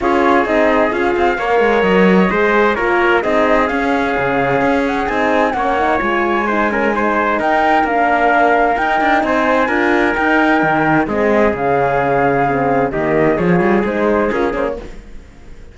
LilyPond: <<
  \new Staff \with { instrumentName = "flute" } { \time 4/4 \tempo 4 = 130 cis''4 dis''4 f''2 | dis''2 cis''4 dis''4 | f''2~ f''8 fis''8 gis''4 | fis''4 gis''2. |
g''4 f''2 g''4 | gis''2 g''2 | dis''4 f''2. | dis''4 cis''4 c''4 ais'8 c''16 cis''16 | }
  \new Staff \with { instrumentName = "trumpet" } { \time 4/4 gis'2. cis''4~ | cis''4 c''4 ais'4 gis'4~ | gis'1 | cis''2 c''8 ais'8 c''4 |
ais'1 | c''4 ais'2. | gis'1 | g'4 gis'2. | }
  \new Staff \with { instrumentName = "horn" } { \time 4/4 f'4 dis'4 f'4 ais'4~ | ais'4 gis'4 f'4 dis'4 | cis'2. dis'4 | cis'8 dis'8 f'4 dis'8 cis'8 dis'4~ |
dis'4 d'2 dis'4~ | dis'4 f'4 dis'2 | c'4 cis'2 c'4 | ais4 f'4 dis'4 f'8 cis'8 | }
  \new Staff \with { instrumentName = "cello" } { \time 4/4 cis'4 c'4 cis'8 c'8 ais8 gis8 | fis4 gis4 ais4 c'4 | cis'4 cis4 cis'4 c'4 | ais4 gis2. |
dis'4 ais2 dis'8 d'8 | c'4 d'4 dis'4 dis4 | gis4 cis2. | dis4 f8 g8 gis4 cis'8 ais8 | }
>>